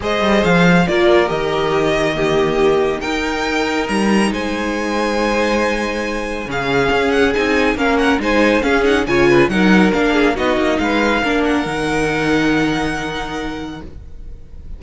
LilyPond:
<<
  \new Staff \with { instrumentName = "violin" } { \time 4/4 \tempo 4 = 139 dis''4 f''4 d''4 dis''4~ | dis''2. g''4~ | g''4 ais''4 gis''2~ | gis''2. f''4~ |
f''8 fis''8 gis''4 f''8 fis''8 gis''4 | f''8 fis''8 gis''4 fis''4 f''4 | dis''4 f''4. fis''4.~ | fis''1 | }
  \new Staff \with { instrumentName = "violin" } { \time 4/4 c''2 ais'2~ | ais'4 g'2 ais'4~ | ais'2 c''2~ | c''2. gis'4~ |
gis'2 ais'4 c''4 | gis'4 cis''8 b'8 ais'4. gis'8 | fis'4 b'4 ais'2~ | ais'1 | }
  \new Staff \with { instrumentName = "viola" } { \time 4/4 gis'2 f'4 g'4~ | g'4 ais2 dis'4~ | dis'1~ | dis'2. cis'4~ |
cis'4 dis'4 cis'4 dis'4 | cis'8 dis'8 f'4 dis'4 d'4 | dis'2 d'4 dis'4~ | dis'1 | }
  \new Staff \with { instrumentName = "cello" } { \time 4/4 gis8 g8 f4 ais4 dis4~ | dis2. dis'4~ | dis'4 g4 gis2~ | gis2. cis4 |
cis'4 c'4 ais4 gis4 | cis'4 cis4 fis4 ais4 | b8 ais8 gis4 ais4 dis4~ | dis1 | }
>>